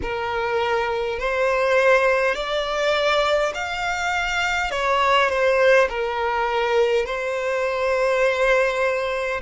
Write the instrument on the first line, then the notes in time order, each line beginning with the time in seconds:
violin
0.02 A#4
1.19 C5
2.35 D5
3.54 F5
4.71 C#5
5.29 C5
5.89 A#4
7.05 C5